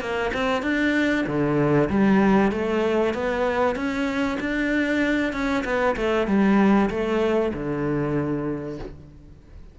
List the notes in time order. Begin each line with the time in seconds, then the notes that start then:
0.00 A#3
0.33 C4
0.62 D4
1.26 D3
1.89 G3
2.51 A3
3.14 B3
3.75 C#4
4.40 D4
5.32 C#4
5.64 B3
5.96 A3
6.27 G3
6.90 A3
7.53 D3